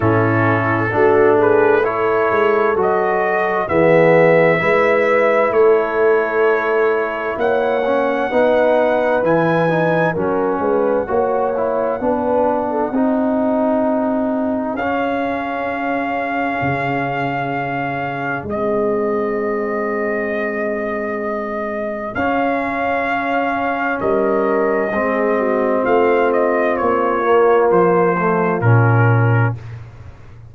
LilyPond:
<<
  \new Staff \with { instrumentName = "trumpet" } { \time 4/4 \tempo 4 = 65 a'4. b'8 cis''4 dis''4 | e''2 cis''2 | fis''2 gis''4 fis''4~ | fis''1 |
f''1 | dis''1 | f''2 dis''2 | f''8 dis''8 cis''4 c''4 ais'4 | }
  \new Staff \with { instrumentName = "horn" } { \time 4/4 e'4 fis'8 gis'8 a'2 | gis'4 b'4 a'2 | cis''4 b'2 ais'8 b'8 | cis''4 b'8. a'16 gis'2~ |
gis'1~ | gis'1~ | gis'2 ais'4 gis'8 fis'8 | f'1 | }
  \new Staff \with { instrumentName = "trombone" } { \time 4/4 cis'4 d'4 e'4 fis'4 | b4 e'2.~ | e'8 cis'8 dis'4 e'8 dis'8 cis'4 | fis'8 e'8 d'4 dis'2 |
cis'1 | c'1 | cis'2. c'4~ | c'4. ais4 a8 cis'4 | }
  \new Staff \with { instrumentName = "tuba" } { \time 4/4 a,4 a4. gis8 fis4 | e4 gis4 a2 | ais4 b4 e4 fis8 gis8 | ais4 b4 c'2 |
cis'2 cis2 | gis1 | cis'2 g4 gis4 | a4 ais4 f4 ais,4 | }
>>